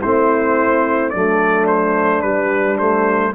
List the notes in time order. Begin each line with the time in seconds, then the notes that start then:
0.00 A3 C4 E4 C5
1.10 F#3 A3 D4 D5
1.67 C5
2.22 G3 B4
2.78 A3 C5